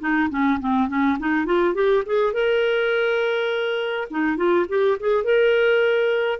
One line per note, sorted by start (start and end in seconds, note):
0.00 0.29 D#4
0.30 0.59 C#4
0.60 0.88 C4
0.88 1.18 C#4
1.19 1.46 D#4
1.46 1.74 F4
1.74 2.04 G4
2.06 2.33 G#4
2.33 4.08 A#4
4.10 4.37 D#4
4.37 4.66 F4
4.69 4.98 G4
5.00 5.24 G#4
5.24 6.40 A#4